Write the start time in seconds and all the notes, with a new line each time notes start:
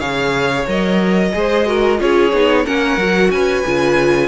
0.00 C#3 G#4 C#5 F5
0.67 F#3 A#4 D#5
1.33 G#3 G#4 C5
1.66 F#4 A#4
1.98 C#4 F4 G#4 C#5
2.33 B3 D#4
2.65 A#3 C#4 A#4 F#5
2.97 F#3 F#4
3.31 C#4 B4 G#5
3.66 C#3 F4